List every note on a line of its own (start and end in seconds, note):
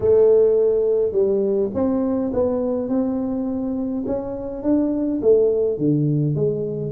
0.00 1.12 A3
1.12 1.69 G3
1.73 2.31 C4
2.33 2.88 B3
2.88 4.04 C4
4.06 4.62 C#4
4.62 5.20 D4
5.21 5.78 A3
5.78 6.35 D3
6.35 6.92 G#3